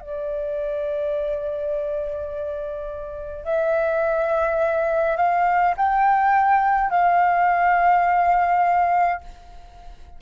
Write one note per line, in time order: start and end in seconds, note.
0.00 3.45 D5
3.45 5.16 E5
5.16 5.74 F5
5.77 6.90 G5
6.90 9.21 F5